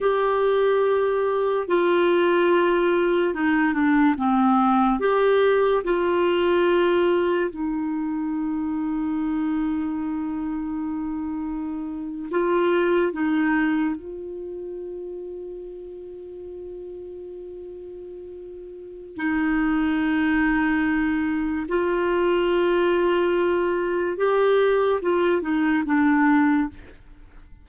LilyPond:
\new Staff \with { instrumentName = "clarinet" } { \time 4/4 \tempo 4 = 72 g'2 f'2 | dis'8 d'8 c'4 g'4 f'4~ | f'4 dis'2.~ | dis'2~ dis'8. f'4 dis'16~ |
dis'8. f'2.~ f'16~ | f'2. dis'4~ | dis'2 f'2~ | f'4 g'4 f'8 dis'8 d'4 | }